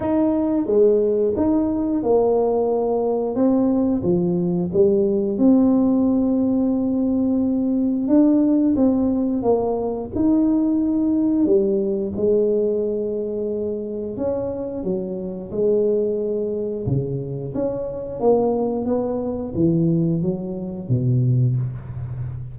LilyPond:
\new Staff \with { instrumentName = "tuba" } { \time 4/4 \tempo 4 = 89 dis'4 gis4 dis'4 ais4~ | ais4 c'4 f4 g4 | c'1 | d'4 c'4 ais4 dis'4~ |
dis'4 g4 gis2~ | gis4 cis'4 fis4 gis4~ | gis4 cis4 cis'4 ais4 | b4 e4 fis4 b,4 | }